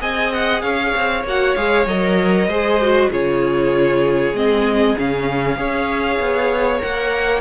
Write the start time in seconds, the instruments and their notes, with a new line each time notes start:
0.00 cello C4, viola G#4, violin D#5 G#5
0.33 violin F#5
0.61 cello C#4, violin C#5 F5
0.96 cello C4
1.23 cello A#3, viola F#4, violin F#5
1.55 cello G#3, viola G#4, violin F5
1.86 cello F#3, viola A#4, violin D#5
2.47 cello G#3, viola G#4, violin C5
2.81 viola F#4
3.10 cello C#3, viola F4, violin G#4 C#5
4.33 cello G#3, viola C4, violin D#5
4.97 cello C#3, viola C#4, violin F5
5.56 cello C#4, viola G#4, violin C#5
6.19 cello B3
6.79 cello A#3, viola A#4, violin F#5